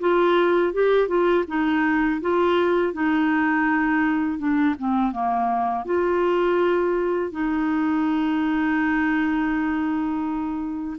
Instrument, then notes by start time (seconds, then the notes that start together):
clarinet
0.00 F4
0.73 G4
1.08 F4
1.48 D#4
2.21 F4
2.93 D#4
4.38 D4
4.79 C4
5.12 A#3
5.85 F4
7.31 D#4